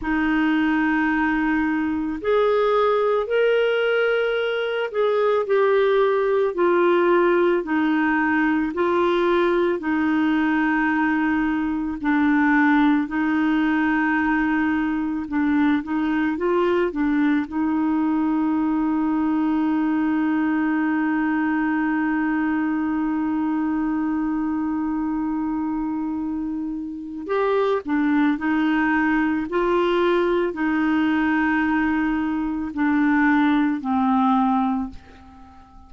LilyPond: \new Staff \with { instrumentName = "clarinet" } { \time 4/4 \tempo 4 = 55 dis'2 gis'4 ais'4~ | ais'8 gis'8 g'4 f'4 dis'4 | f'4 dis'2 d'4 | dis'2 d'8 dis'8 f'8 d'8 |
dis'1~ | dis'1~ | dis'4 g'8 d'8 dis'4 f'4 | dis'2 d'4 c'4 | }